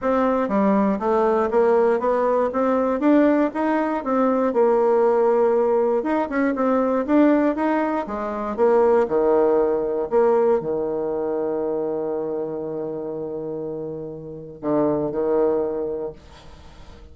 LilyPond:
\new Staff \with { instrumentName = "bassoon" } { \time 4/4 \tempo 4 = 119 c'4 g4 a4 ais4 | b4 c'4 d'4 dis'4 | c'4 ais2. | dis'8 cis'8 c'4 d'4 dis'4 |
gis4 ais4 dis2 | ais4 dis2.~ | dis1~ | dis4 d4 dis2 | }